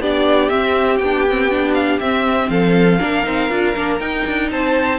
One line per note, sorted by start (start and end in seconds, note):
0.00 0.50 B3
0.00 0.50 D4
0.00 2.50 G4
0.00 0.50 D5
0.50 1.00 C4
0.50 0.98 E5
0.98 2.00 B3
0.98 1.29 D4
0.98 1.73 G5
1.29 1.51 C4
1.51 2.01 D4
1.74 1.99 F5
2.00 2.50 C4
2.00 3.01 C4
2.00 2.50 E5
2.50 3.00 F3
2.50 3.00 A4
2.50 4.00 F5
3.00 3.27 A#3
3.00 3.25 D4
3.00 4.50 A#4
3.25 3.51 C4
3.25 3.50 D#4
3.50 3.76 D4
3.50 3.75 F4
3.76 4.01 A#3
3.76 4.01 D4
4.00 4.26 D#4
4.00 5.00 D#4
4.00 4.50 G5
4.27 4.52 D4
4.52 5.00 C4
4.52 5.00 C5
4.52 5.00 A5